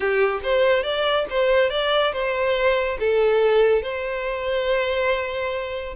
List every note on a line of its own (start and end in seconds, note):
0.00 0.40 G4
0.43 0.83 C5
0.83 1.25 D5
1.29 1.70 C5
1.70 2.12 D5
2.12 2.97 C5
2.99 3.82 A4
3.82 5.95 C5